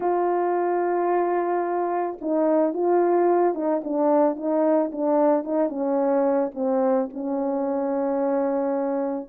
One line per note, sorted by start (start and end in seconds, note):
0.00 2.17 F4
2.21 2.73 D#4
2.73 3.54 F4
3.54 3.81 D#4
3.84 4.36 D4
4.36 4.90 D#4
4.91 5.43 D4
5.43 5.69 D#4
5.69 6.51 C#4
6.54 7.09 C4
7.13 9.29 C#4